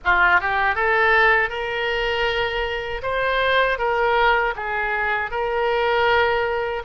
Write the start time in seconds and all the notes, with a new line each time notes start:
0.04 F4
0.40 G4
0.75 A4
1.49 A#4
3.02 C5
3.78 A#4
4.56 G#4
5.31 A#4